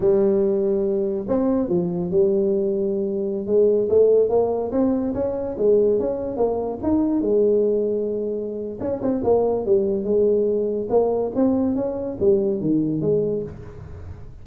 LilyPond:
\new Staff \with { instrumentName = "tuba" } { \time 4/4 \tempo 4 = 143 g2. c'4 | f4 g2.~ | g16 gis4 a4 ais4 c'8.~ | c'16 cis'4 gis4 cis'4 ais8.~ |
ais16 dis'4 gis2~ gis8.~ | gis4 cis'8 c'8 ais4 g4 | gis2 ais4 c'4 | cis'4 g4 dis4 gis4 | }